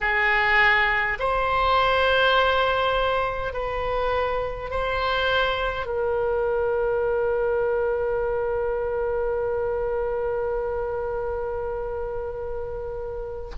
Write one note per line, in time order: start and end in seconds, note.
0.00 1.18 G#4
1.19 3.53 C5
3.53 4.70 B4
4.70 5.86 C5
5.86 13.50 A#4